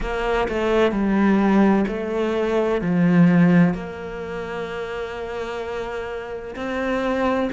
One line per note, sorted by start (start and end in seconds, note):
0.00 0.47 A#3
0.48 0.91 A3
0.91 1.85 G3
1.87 2.81 A3
2.81 3.74 F3
3.74 6.55 A#3
6.55 7.49 C4